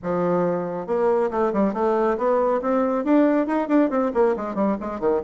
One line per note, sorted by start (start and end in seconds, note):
0.02 0.86 F3
0.86 1.30 A#3
1.30 1.52 A3
1.53 1.73 G3
1.73 2.17 A3
2.17 2.60 B3
2.61 3.04 C4
3.04 3.46 D4
3.46 3.68 D#4
3.68 3.90 D4
3.90 4.11 C4
4.14 4.35 A#3
4.36 4.54 G#3
4.54 4.76 G3
4.80 5.00 G#3
5.00 5.21 D#3